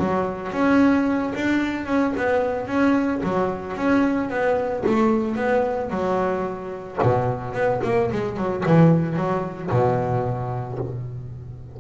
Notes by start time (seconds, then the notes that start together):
0.00 F#3
0.53 C#4
1.35 D4
1.86 C#4
2.17 B3
2.68 C#4
3.24 F#3
3.77 C#4
4.30 B3
4.87 A3
5.36 B3
5.91 F#3
7.03 B2
7.54 B3
7.84 A#3
8.12 G#3
8.37 F#3
8.66 E3
9.16 F#3
9.71 B2